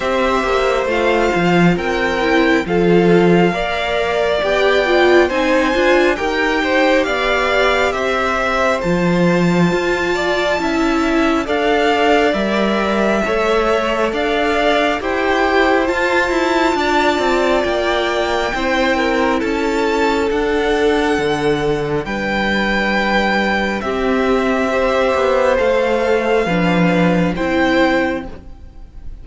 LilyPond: <<
  \new Staff \with { instrumentName = "violin" } { \time 4/4 \tempo 4 = 68 e''4 f''4 g''4 f''4~ | f''4 g''4 gis''4 g''4 | f''4 e''4 a''2~ | a''4 f''4 e''2 |
f''4 g''4 a''2 | g''2 a''4 fis''4~ | fis''4 g''2 e''4~ | e''4 f''2 g''4 | }
  \new Staff \with { instrumentName = "violin" } { \time 4/4 c''2 ais'4 a'4 | d''2 c''4 ais'8 c''8 | d''4 c''2~ c''8 d''8 | e''4 d''2 cis''4 |
d''4 c''2 d''4~ | d''4 c''8 ais'8 a'2~ | a'4 b'2 g'4 | c''2 b'4 c''4 | }
  \new Staff \with { instrumentName = "viola" } { \time 4/4 g'4 f'4. e'8 f'4 | ais'4 g'8 f'8 dis'8 f'8 g'4~ | g'2 f'2 | e'4 a'4 ais'4 a'4~ |
a'4 g'4 f'2~ | f'4 e'2 d'4~ | d'2. c'4 | g'4 a'4 d'4 e'4 | }
  \new Staff \with { instrumentName = "cello" } { \time 4/4 c'8 ais8 a8 f8 c'4 f4 | ais4 b4 c'8 d'8 dis'4 | b4 c'4 f4 f'4 | cis'4 d'4 g4 a4 |
d'4 e'4 f'8 e'8 d'8 c'8 | ais4 c'4 cis'4 d'4 | d4 g2 c'4~ | c'8 b8 a4 f4 c'4 | }
>>